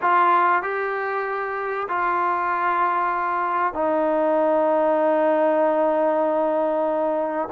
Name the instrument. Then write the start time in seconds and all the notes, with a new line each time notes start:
trombone
0.01 F4
0.62 G4
1.88 F4
3.73 D#4